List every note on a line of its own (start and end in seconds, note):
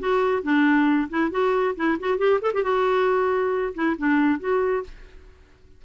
0.00 0.43 F#4
0.43 1.09 D4
1.10 1.31 E4
1.31 1.75 F#4
1.76 1.98 E4
2.00 2.18 F#4
2.18 2.40 G4
2.42 2.53 A4
2.54 2.64 G4
2.64 3.74 F#4
3.75 3.97 E4
3.98 4.40 D4
4.40 4.84 F#4